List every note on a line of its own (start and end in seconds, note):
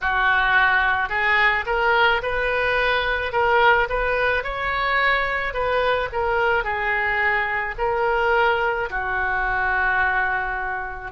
0.01 1.09 F#4
1.09 1.64 G#4
1.66 2.21 A#4
2.22 3.32 B4
3.32 3.88 A#4
3.89 4.43 B4
4.43 5.53 C#5
5.53 6.09 B4
6.12 6.64 A#4
6.64 7.75 G#4
7.78 8.89 A#4
8.89 11.11 F#4